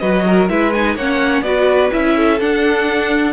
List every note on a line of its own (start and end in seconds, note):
0.00 0.50 F#3
0.00 0.49 F#4
0.00 0.25 B4
0.00 0.48 D#5
0.27 0.51 A#4
0.49 0.96 G#3
0.49 0.73 E4
0.49 0.96 B4
0.49 0.73 E5
0.73 0.98 D#4
0.73 0.96 G#5
0.96 1.42 A#3
0.96 1.44 C#4
0.96 1.44 C#5
0.96 1.43 F#5
1.42 1.90 B3
1.42 1.91 F#4
1.42 2.17 B4
1.42 1.90 D5
1.91 2.41 C#4
1.91 2.39 E4
1.91 2.40 E5
2.17 3.33 A4
2.39 3.33 D4
2.39 3.33 F#5